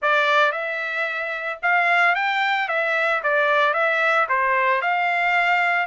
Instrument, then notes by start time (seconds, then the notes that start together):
trumpet
0.02 D5
0.52 E5
1.62 F5
2.15 G5
2.68 E5
3.23 D5
3.73 E5
4.29 C5
4.81 F5